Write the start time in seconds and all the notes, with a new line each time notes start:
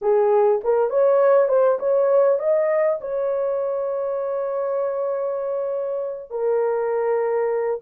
0.01 G#4
0.64 A#4
0.90 C#5
1.48 C5
1.79 C#5
2.39 D#5
3.01 C#5
6.30 A#4